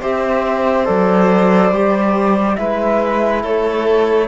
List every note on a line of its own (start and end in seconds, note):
0.00 0.88 C4
0.00 0.85 G4
0.00 2.57 C5
0.00 0.86 E5
0.85 1.71 F#3
0.85 1.71 A4
0.85 2.55 D5
1.71 2.57 G3
1.71 2.59 G4
2.55 3.44 G#3
2.55 4.27 E4
2.55 3.42 B4
2.55 3.41 E5
3.42 4.27 A3
3.42 4.27 A4
3.42 4.27 C#5